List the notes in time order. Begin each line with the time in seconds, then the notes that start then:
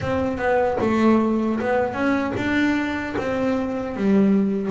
0.00 C4
0.37 B3
0.80 A3
1.60 B3
1.93 C#4
2.36 D4
3.17 C4
3.96 G3